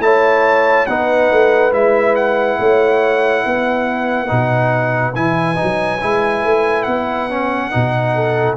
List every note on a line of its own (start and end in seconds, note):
0.00 0.86 A3
0.00 0.87 E4
0.00 0.88 C#5
0.00 0.86 A5
0.86 1.31 B3
0.86 1.71 D#4
0.86 2.59 B4
0.86 1.72 F#5
1.32 1.73 A3
1.71 2.58 G#3
1.71 4.27 E4
1.71 2.15 E5
2.15 5.15 F#5
2.59 3.45 A3
2.59 3.45 C#5
3.45 4.31 B3
3.45 8.15 B4
4.27 5.16 B2
4.27 5.13 D#4
5.15 5.59 E3
5.15 5.56 E4
5.15 6.83 G#5
5.56 5.98 D#4
5.63 6.03 F#3
6.02 6.44 G#3
6.02 7.30 E4
6.44 6.87 A3
6.83 7.72 B3
6.83 8.54 F#5
7.30 7.71 C#4
7.71 8.57 B2
7.71 8.57 D#4
8.15 8.57 A4